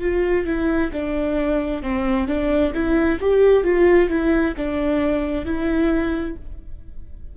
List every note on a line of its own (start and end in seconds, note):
0.00 0.45 F4
0.45 0.91 E4
0.92 1.82 D4
1.82 2.27 C4
2.27 2.73 D4
2.73 3.19 E4
3.20 3.63 G4
3.63 4.09 F4
4.09 4.54 E4
4.57 5.45 D4
5.45 6.36 E4